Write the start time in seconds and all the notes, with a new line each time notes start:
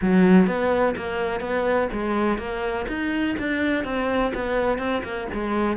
0.01 F#3
0.46 B3
0.96 A#3
1.40 B3
1.92 G#3
2.38 A#3
2.88 D#4
3.38 D4
3.84 C4
4.34 B3
4.78 C4
5.03 A#3
5.33 G#3